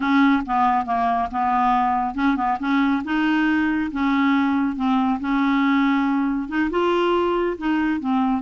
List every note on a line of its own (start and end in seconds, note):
0.00 0.43 C#4
0.46 0.85 B3
0.85 1.28 A#3
1.31 2.14 B3
2.14 2.36 C#4
2.36 2.58 B3
2.59 3.02 C#4
3.04 3.90 D#4
3.91 4.76 C#4
4.76 5.19 C4
5.19 6.48 C#4
6.48 6.70 D#4
6.70 7.56 F4
7.57 8.00 D#4
8.00 8.42 C4